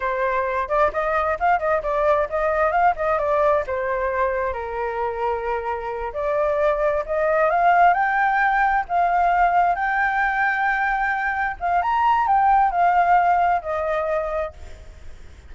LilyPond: \new Staff \with { instrumentName = "flute" } { \time 4/4 \tempo 4 = 132 c''4. d''8 dis''4 f''8 dis''8 | d''4 dis''4 f''8 dis''8 d''4 | c''2 ais'2~ | ais'4. d''2 dis''8~ |
dis''8 f''4 g''2 f''8~ | f''4. g''2~ g''8~ | g''4. f''8 ais''4 g''4 | f''2 dis''2 | }